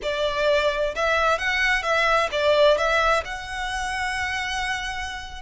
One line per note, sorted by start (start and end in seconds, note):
0.02 0.94 D5
0.95 1.38 E5
1.38 1.83 F#5
1.83 2.29 E5
2.31 2.77 D5
2.77 3.23 E5
3.24 5.41 F#5